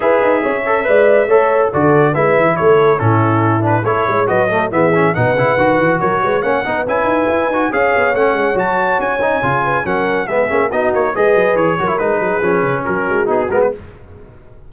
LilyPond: <<
  \new Staff \with { instrumentName = "trumpet" } { \time 4/4 \tempo 4 = 140 e''1 | d''4 e''4 cis''4 a'4~ | a'8 b'8 cis''4 dis''4 e''4 | fis''2 cis''4 fis''4 |
gis''2 f''4 fis''4 | a''4 gis''2 fis''4 | e''4 dis''8 cis''8 dis''4 cis''4 | b'2 ais'4 gis'8 ais'16 b'16 | }
  \new Staff \with { instrumentName = "horn" } { \time 4/4 b'4 cis''4 d''4 cis''4 | a'4 b'4 a'4 e'4~ | e'4 a'8 cis''8 b'8 a'8 gis'4 | b'2 ais'8 b'8 cis''8 b'8~ |
b'2 cis''2~ | cis''2~ cis''8 b'8 ais'4 | gis'4 fis'4 b'4. ais'8~ | ais'8 gis'4. fis'2 | }
  \new Staff \with { instrumentName = "trombone" } { \time 4/4 gis'4. a'8 b'4 a'4 | fis'4 e'2 cis'4~ | cis'8 d'8 e'4 fis'8 a8 b8 cis'8 | dis'8 e'8 fis'2 cis'8 dis'8 |
e'4. fis'8 gis'4 cis'4 | fis'4. dis'8 f'4 cis'4 | b8 cis'8 dis'4 gis'4. fis'16 e'16 | dis'4 cis'2 dis'8 b8 | }
  \new Staff \with { instrumentName = "tuba" } { \time 4/4 e'8 dis'8 cis'4 gis4 a4 | d4 gis8 e8 a4 a,4~ | a,4 a8 gis8 fis4 e4 | b,8 cis8 dis8 e8 fis8 gis8 ais8 b8 |
cis'8 dis'8 e'8 dis'8 cis'8 b8 a8 gis8 | fis4 cis'4 cis4 fis4 | gis8 ais8 b8 ais8 gis8 fis8 e8 fis8 | gis8 fis8 f8 cis8 fis8 gis8 b8 gis8 | }
>>